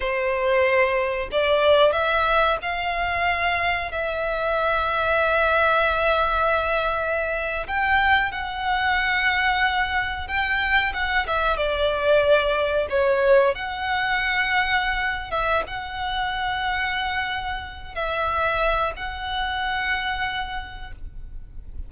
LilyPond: \new Staff \with { instrumentName = "violin" } { \time 4/4 \tempo 4 = 92 c''2 d''4 e''4 | f''2 e''2~ | e''2.~ e''8. g''16~ | g''8. fis''2. g''16~ |
g''8. fis''8 e''8 d''2 cis''16~ | cis''8. fis''2~ fis''8. e''8 | fis''2.~ fis''8 e''8~ | e''4 fis''2. | }